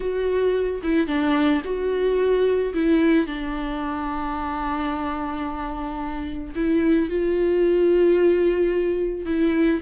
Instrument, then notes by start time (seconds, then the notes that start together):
viola
0.00 F#4
0.83 E4
1.07 D4
1.64 F#4
2.73 E4
3.26 D4
6.55 E4
7.09 F4
9.25 E4